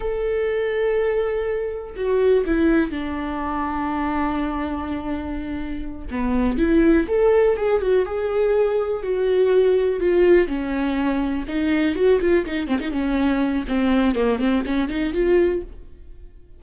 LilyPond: \new Staff \with { instrumentName = "viola" } { \time 4/4 \tempo 4 = 123 a'1 | fis'4 e'4 d'2~ | d'1~ | d'8 b4 e'4 a'4 gis'8 |
fis'8 gis'2 fis'4.~ | fis'8 f'4 cis'2 dis'8~ | dis'8 fis'8 f'8 dis'8 c'16 dis'16 cis'4. | c'4 ais8 c'8 cis'8 dis'8 f'4 | }